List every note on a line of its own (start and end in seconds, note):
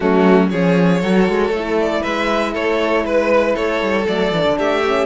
0.00 0.52 F#3
0.00 0.50 A3
0.00 0.51 C#4
0.00 0.49 F#4
0.49 1.02 F3
0.49 1.01 C#4
0.49 1.00 G#4
0.49 1.76 C#5
1.00 1.28 F#3
1.00 1.53 F#4
1.00 2.01 A4
1.28 1.49 G#3
1.49 2.00 A3
1.49 4.07 E4
1.79 2.03 D5
2.01 2.56 G#3
2.01 2.52 B4
2.01 2.54 E5
2.52 3.04 A3
2.52 3.03 A4
2.52 3.05 C#5
3.04 3.55 G#3
3.04 3.55 B4
3.04 3.54 B4
3.54 3.81 A3
3.54 4.55 A4
3.54 4.06 C#5
3.81 4.07 G3
4.07 4.32 F#3
4.07 4.32 A3
4.07 4.58 D5
4.32 4.44 E3
4.32 4.84 D4
4.46 4.58 D3
4.57 5.06 A3
4.57 5.06 G4
4.57 5.06 E5
4.84 5.06 C#4